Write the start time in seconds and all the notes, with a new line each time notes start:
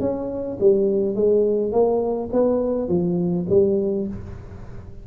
0.00 C#4
0.60 G3
1.15 G#3
1.72 A#3
2.33 B3
2.88 F3
3.50 G3